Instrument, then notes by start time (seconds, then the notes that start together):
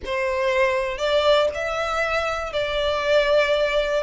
violin
0.05 C5
0.98 D5
1.54 E5
2.52 D5